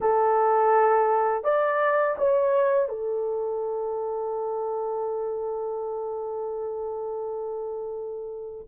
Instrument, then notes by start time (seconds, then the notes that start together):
horn
0.00 A4
1.44 D5
2.18 C#5
2.88 A4